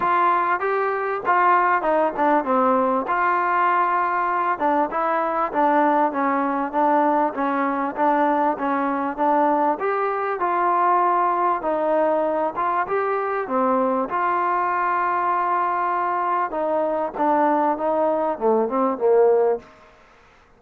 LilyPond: \new Staff \with { instrumentName = "trombone" } { \time 4/4 \tempo 4 = 98 f'4 g'4 f'4 dis'8 d'8 | c'4 f'2~ f'8 d'8 | e'4 d'4 cis'4 d'4 | cis'4 d'4 cis'4 d'4 |
g'4 f'2 dis'4~ | dis'8 f'8 g'4 c'4 f'4~ | f'2. dis'4 | d'4 dis'4 a8 c'8 ais4 | }